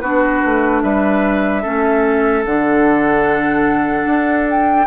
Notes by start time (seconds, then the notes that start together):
0.00 B3 D4 F#4 B4
0.45 A3
0.82 G3 B4 E5
1.62 A3 C#4 A4
2.45 D3 D4 F#5
4.06 D4
4.50 G5